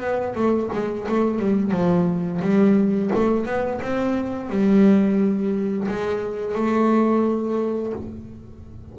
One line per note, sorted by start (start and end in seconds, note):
0.00 0.34 B3
0.35 0.69 A3
0.72 1.07 G#3
1.08 1.39 A3
1.39 1.71 G3
1.71 2.40 F3
2.41 3.10 G3
3.15 3.45 A3
3.45 3.80 B3
3.81 4.49 C4
4.49 5.87 G3
5.88 6.55 G#3
6.55 7.92 A3